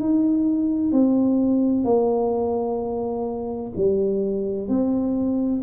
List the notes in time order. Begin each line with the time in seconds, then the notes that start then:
0.00 D#4
0.92 C4
1.85 A#3
3.76 G3
4.68 C4